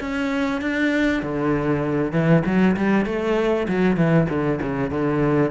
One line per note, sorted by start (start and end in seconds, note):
0.00 0.61 C#4
0.61 1.22 D4
1.22 2.12 D3
2.12 2.43 E3
2.45 2.76 F#3
2.76 3.06 G3
3.06 3.67 A3
3.68 3.97 F#3
3.97 4.27 E3
4.29 4.59 D3
4.61 4.90 C#3
4.90 5.51 D3